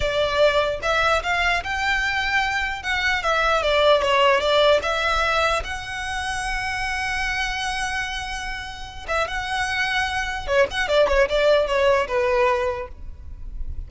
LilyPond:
\new Staff \with { instrumentName = "violin" } { \time 4/4 \tempo 4 = 149 d''2 e''4 f''4 | g''2. fis''4 | e''4 d''4 cis''4 d''4 | e''2 fis''2~ |
fis''1~ | fis''2~ fis''8 e''8 fis''4~ | fis''2 cis''8 fis''8 d''8 cis''8 | d''4 cis''4 b'2 | }